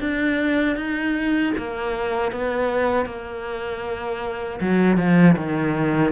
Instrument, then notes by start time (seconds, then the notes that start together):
cello
0.00 D4
0.76 D#4
1.57 A#3
2.32 B3
3.06 A#3
4.60 F#3
4.97 F3
5.37 D#3